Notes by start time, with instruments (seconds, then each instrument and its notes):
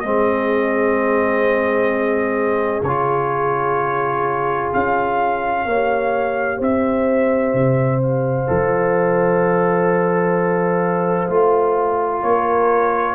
0.00 tuba G#3, trombone C4, trumpet D#5
0.07 horn G#4
2.82 tuba C#3, trombone F4, trumpet C#5
4.74 tuba C#4, trumpet F5
5.65 tuba A#3, trombone G4, horn C#5
6.57 tuba C4, horn C5, trumpet E5
7.54 tuba C3
8.02 trumpet F5
8.47 tuba F3, trombone A4
11.28 tuba A3, trombone F4
12.22 tuba A#3, horn A#4, trumpet C#5